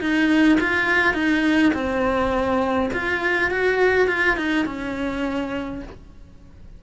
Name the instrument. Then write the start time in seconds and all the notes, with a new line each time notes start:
cello
0.00 D#4
0.60 F4
1.14 D#4
1.73 C4
2.93 F4
3.51 F#4
4.08 F4
4.37 D#4
4.65 C#4